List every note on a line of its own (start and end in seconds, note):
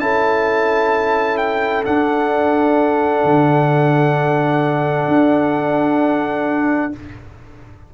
0.00 1.85 C#4
0.00 1.85 E4
0.00 6.94 A4
0.00 1.37 A5
1.37 1.84 G5
1.85 6.92 D4
1.85 3.24 D4
1.85 6.93 F#5
3.24 5.08 D3
5.08 6.92 D4